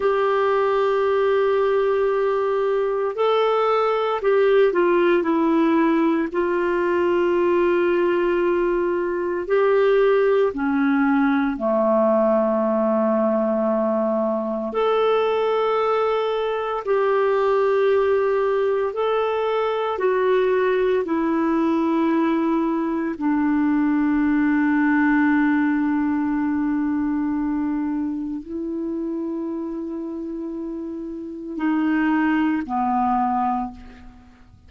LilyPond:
\new Staff \with { instrumentName = "clarinet" } { \time 4/4 \tempo 4 = 57 g'2. a'4 | g'8 f'8 e'4 f'2~ | f'4 g'4 cis'4 a4~ | a2 a'2 |
g'2 a'4 fis'4 | e'2 d'2~ | d'2. e'4~ | e'2 dis'4 b4 | }